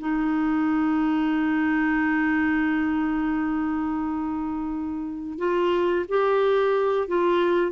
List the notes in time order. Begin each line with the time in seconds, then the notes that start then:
0.00 D#4
5.38 F4
6.09 G4
7.08 F4